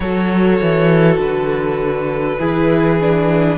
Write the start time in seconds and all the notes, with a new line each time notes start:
0.00 F#3 F#4 A4 C#5
0.61 E3
1.17 D3 B4
2.39 E3 E4 G#4
3.00 D4